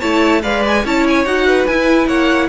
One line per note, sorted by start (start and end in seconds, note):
0.00 0.44 A3
0.00 0.43 E4
0.00 0.41 C#5
0.00 0.42 A5
0.42 0.85 G#3
0.42 0.84 B4
0.42 0.85 D5
0.42 0.63 F5
0.67 0.87 G#5
0.85 1.25 C#4
0.85 1.26 E4
0.85 1.47 C#5
0.85 1.07 A5
1.08 1.26 G#5
1.25 1.66 D#4
1.25 1.67 F#4
1.25 1.67 F#5
1.47 2.08 B4
1.67 2.07 E4
1.67 2.50 E4
1.67 2.08 G#5
2.07 2.49 A#3
2.07 2.49 C#5
2.07 2.50 F#5